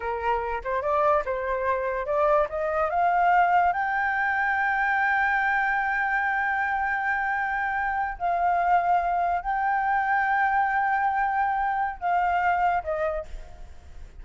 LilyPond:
\new Staff \with { instrumentName = "flute" } { \time 4/4 \tempo 4 = 145 ais'4. c''8 d''4 c''4~ | c''4 d''4 dis''4 f''4~ | f''4 g''2.~ | g''1~ |
g''2.~ g''8. f''16~ | f''2~ f''8. g''4~ g''16~ | g''1~ | g''4 f''2 dis''4 | }